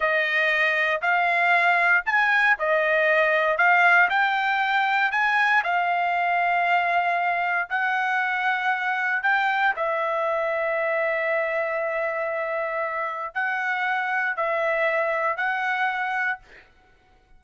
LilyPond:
\new Staff \with { instrumentName = "trumpet" } { \time 4/4 \tempo 4 = 117 dis''2 f''2 | gis''4 dis''2 f''4 | g''2 gis''4 f''4~ | f''2. fis''4~ |
fis''2 g''4 e''4~ | e''1~ | e''2 fis''2 | e''2 fis''2 | }